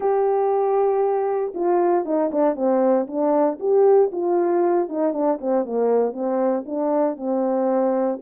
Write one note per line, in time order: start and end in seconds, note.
0.00 1.53 G4
1.54 2.05 F4
2.05 2.31 D#4
2.31 2.55 D4
2.55 3.07 C4
3.07 3.58 D4
3.59 4.10 G4
4.12 4.89 F4
4.89 5.13 D#4
5.13 5.38 D4
5.40 5.65 C4
5.65 6.13 A#3
6.13 6.64 C4
6.65 7.16 D4
7.17 8.19 C4